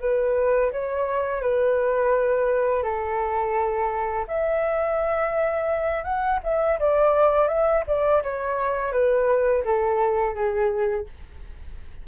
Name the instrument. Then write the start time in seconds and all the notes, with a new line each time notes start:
flute
0.00 B4
0.72 C#5
1.41 B4
2.83 A4
4.27 E5
6.04 F#5
6.43 E5
6.80 D5
7.48 E5
7.87 D5
8.23 C#5
8.92 B4
9.65 A4
10.35 G#4